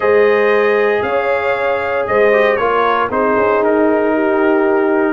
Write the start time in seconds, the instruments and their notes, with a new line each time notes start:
0.00 tuba G#3, trombone G#4, horn C5, trumpet D#5
1.02 tuba C#4, horn C#5, trumpet F5
2.07 tuba G#3, horn C5, trumpet D#5
2.32 trombone G4
2.56 tuba A#3, trombone F4, horn A#4, trumpet C#5
3.10 tuba C4, trombone D#4, horn G#4, trumpet C5
3.37 tuba C#4
3.61 tuba D#4, trumpet A#4
4.14 horn G4